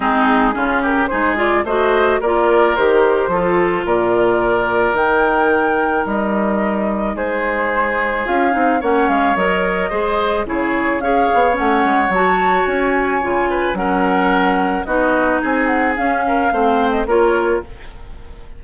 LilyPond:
<<
  \new Staff \with { instrumentName = "flute" } { \time 4/4 \tempo 4 = 109 gis'4. ais'8 c''8 d''8 dis''4 | d''4 c''2 d''4~ | d''4 g''2 dis''4~ | dis''4 c''2 f''4 |
fis''8 f''8 dis''2 cis''4 | f''4 fis''4 a''4 gis''4~ | gis''4 fis''2 dis''4 | gis''8 fis''8 f''4.~ f''16 dis''16 cis''4 | }
  \new Staff \with { instrumentName = "oboe" } { \time 4/4 dis'4 f'8 g'8 gis'4 c''4 | ais'2 a'4 ais'4~ | ais'1~ | ais'4 gis'2. |
cis''2 c''4 gis'4 | cis''1~ | cis''8 b'8 ais'2 fis'4 | gis'4. ais'8 c''4 ais'4 | }
  \new Staff \with { instrumentName = "clarinet" } { \time 4/4 c'4 cis'4 dis'8 f'8 fis'4 | f'4 g'4 f'2~ | f'4 dis'2.~ | dis'2. f'8 dis'8 |
cis'4 ais'4 gis'4 e'4 | gis'4 cis'4 fis'2 | f'4 cis'2 dis'4~ | dis'4 cis'4 c'4 f'4 | }
  \new Staff \with { instrumentName = "bassoon" } { \time 4/4 gis4 cis4 gis4 a4 | ais4 dis4 f4 ais,4~ | ais,4 dis2 g4~ | g4 gis2 cis'8 c'8 |
ais8 gis8 fis4 gis4 cis4 | cis'8 b8 a8 gis8 fis4 cis'4 | cis4 fis2 b4 | c'4 cis'4 a4 ais4 | }
>>